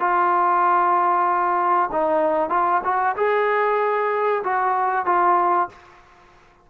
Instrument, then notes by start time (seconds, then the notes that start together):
trombone
0.00 F4
1.92 D#4
2.50 F4
2.84 F#4
3.17 G#4
4.44 F#4
5.06 F4